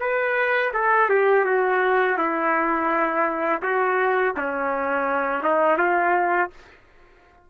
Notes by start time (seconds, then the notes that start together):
0.00 B4
0.74 A4
1.10 G4
1.45 F#4
2.18 E4
3.62 F#4
4.37 C#4
5.43 D#4
5.78 F4